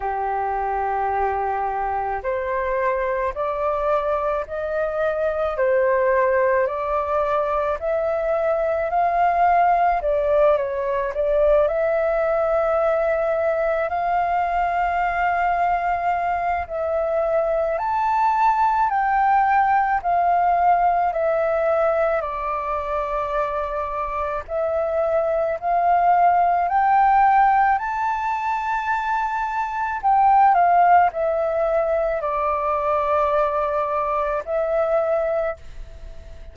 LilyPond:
\new Staff \with { instrumentName = "flute" } { \time 4/4 \tempo 4 = 54 g'2 c''4 d''4 | dis''4 c''4 d''4 e''4 | f''4 d''8 cis''8 d''8 e''4.~ | e''8 f''2~ f''8 e''4 |
a''4 g''4 f''4 e''4 | d''2 e''4 f''4 | g''4 a''2 g''8 f''8 | e''4 d''2 e''4 | }